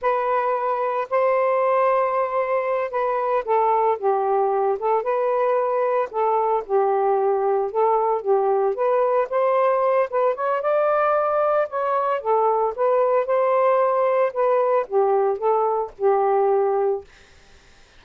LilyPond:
\new Staff \with { instrumentName = "saxophone" } { \time 4/4 \tempo 4 = 113 b'2 c''2~ | c''4. b'4 a'4 g'8~ | g'4 a'8 b'2 a'8~ | a'8 g'2 a'4 g'8~ |
g'8 b'4 c''4. b'8 cis''8 | d''2 cis''4 a'4 | b'4 c''2 b'4 | g'4 a'4 g'2 | }